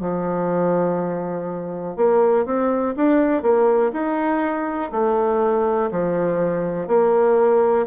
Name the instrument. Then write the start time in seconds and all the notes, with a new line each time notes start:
bassoon
0.00 F3
1.96 A#3
2.45 C4
2.96 D4
3.42 A#3
3.93 D#4
4.91 A3
5.91 F3
6.87 A#3